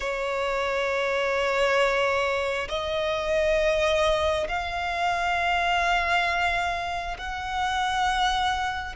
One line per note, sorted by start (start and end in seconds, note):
0.00 2.67 C#5
2.68 4.47 D#5
4.48 7.16 F5
7.18 8.96 F#5